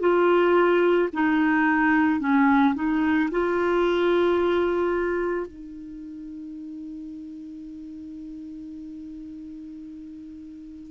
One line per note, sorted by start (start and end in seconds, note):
0.00 1.09 F4
1.13 2.20 D#4
2.20 2.74 C#4
2.75 3.29 D#4
3.31 5.46 F4
5.46 10.91 D#4